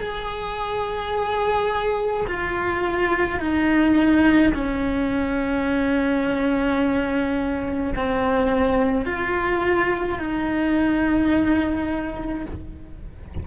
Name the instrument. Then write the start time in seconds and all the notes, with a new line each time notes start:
cello
0.00 G#4
2.27 F4
3.40 D#4
4.54 C#4
7.96 C4
9.06 F4
10.18 D#4